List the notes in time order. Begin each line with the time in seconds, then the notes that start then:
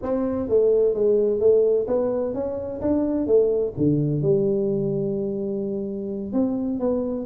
0.02 C4
0.48 A3
0.94 G#3
1.39 A3
1.87 B3
2.34 C#4
2.81 D4
3.26 A3
3.77 D3
4.22 G3
6.32 C4
6.79 B3